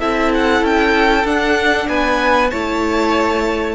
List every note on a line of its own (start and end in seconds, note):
0.00 0.62 C4
0.00 1.25 E4
0.00 1.88 A4
0.00 0.32 E5
0.35 0.66 F#5
0.62 1.24 C#4
0.62 1.27 G5
1.25 1.87 D4
1.25 2.50 D4
1.25 1.89 F#5
1.88 2.52 B3
1.88 2.51 B4
1.88 2.50 G#5
2.50 3.75 A3
2.50 3.75 E4
2.50 3.75 C#5
2.50 3.75 A5